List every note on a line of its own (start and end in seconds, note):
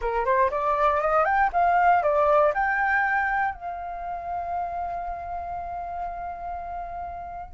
0.01 0.25 A#4
0.25 0.50 C5
0.50 1.00 D5
1.00 1.24 D#5
1.24 1.50 G5
1.52 2.03 F5
2.03 2.53 D5
2.53 3.54 G5
3.54 7.54 F5